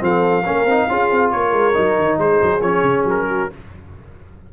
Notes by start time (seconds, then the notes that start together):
0.00 F3 C4 A4 F5
0.45 A#3 C#4 A#4
0.65 C4 D#4
0.89 C#4 F4 G#4
1.11 C4
1.31 A#3 A#4 C#5
1.53 G#3
1.74 F#3 D#4
1.99 D#3
2.18 G#3 G#4 C5
2.42 F#3
2.61 F3 C#4 C#5
2.82 C#3
3.05 F#3 A#4
3.29 F#4